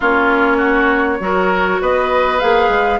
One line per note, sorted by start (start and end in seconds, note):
0.00 1.20 A#3
0.00 1.19 C#4
0.00 0.57 F4
0.00 1.82 C#5
0.57 1.17 F#4
1.19 1.80 F#3
1.19 2.39 F#4
1.19 1.81 A#4
1.81 2.41 B3
1.81 3.00 B4
1.81 2.39 D#5
2.39 2.69 A#3
2.39 3.00 G#4
2.39 2.99 F5
2.69 2.98 G#3